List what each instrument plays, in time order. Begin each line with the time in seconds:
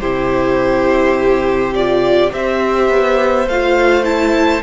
0.00 cello C3, viola E4, violin G4 C5
1.74 viola F4, violin D5
2.30 cello C4, viola G4, violin E5
2.36 violin C5
2.89 cello B3
3.46 cello A3, viola F4, violin F5
4.03 viola E4, violin A5